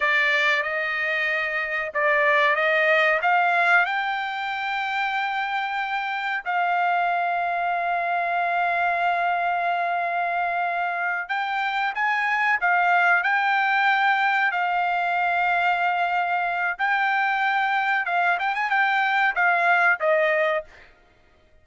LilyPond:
\new Staff \with { instrumentName = "trumpet" } { \time 4/4 \tempo 4 = 93 d''4 dis''2 d''4 | dis''4 f''4 g''2~ | g''2 f''2~ | f''1~ |
f''4. g''4 gis''4 f''8~ | f''8 g''2 f''4.~ | f''2 g''2 | f''8 g''16 gis''16 g''4 f''4 dis''4 | }